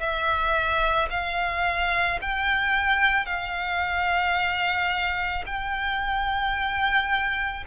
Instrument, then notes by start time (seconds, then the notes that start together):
violin
0.00 E5
1.11 F5
2.22 G5
3.26 F5
5.46 G5